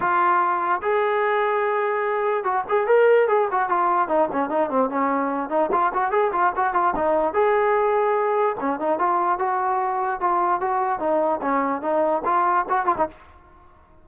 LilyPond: \new Staff \with { instrumentName = "trombone" } { \time 4/4 \tempo 4 = 147 f'2 gis'2~ | gis'2 fis'8 gis'8 ais'4 | gis'8 fis'8 f'4 dis'8 cis'8 dis'8 c'8 | cis'4. dis'8 f'8 fis'8 gis'8 f'8 |
fis'8 f'8 dis'4 gis'2~ | gis'4 cis'8 dis'8 f'4 fis'4~ | fis'4 f'4 fis'4 dis'4 | cis'4 dis'4 f'4 fis'8 f'16 dis'16 | }